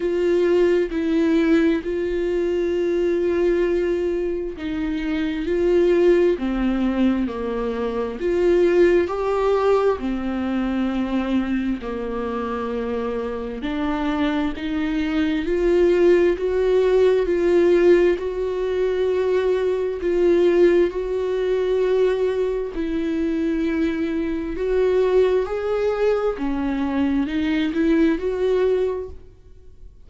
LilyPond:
\new Staff \with { instrumentName = "viola" } { \time 4/4 \tempo 4 = 66 f'4 e'4 f'2~ | f'4 dis'4 f'4 c'4 | ais4 f'4 g'4 c'4~ | c'4 ais2 d'4 |
dis'4 f'4 fis'4 f'4 | fis'2 f'4 fis'4~ | fis'4 e'2 fis'4 | gis'4 cis'4 dis'8 e'8 fis'4 | }